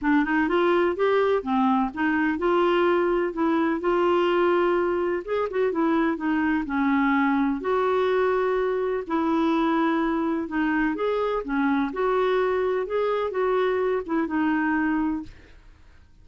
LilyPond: \new Staff \with { instrumentName = "clarinet" } { \time 4/4 \tempo 4 = 126 d'8 dis'8 f'4 g'4 c'4 | dis'4 f'2 e'4 | f'2. gis'8 fis'8 | e'4 dis'4 cis'2 |
fis'2. e'4~ | e'2 dis'4 gis'4 | cis'4 fis'2 gis'4 | fis'4. e'8 dis'2 | }